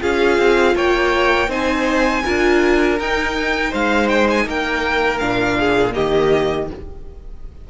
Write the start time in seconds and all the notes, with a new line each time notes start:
0.00 C#4 F4 G#4 F5
0.38 C4
0.75 A#3 C#5 G5
1.48 C4 D#4 C5 G#5
2.24 D4 F4 A#4
2.99 D#4 G5
3.70 G#3 C5 F5
4.09 G5
4.30 G#5
4.46 A#3 A#4 G5
5.19 A#2 D4 F5
5.59 G#4
5.91 D#3 A#3 G4 D#5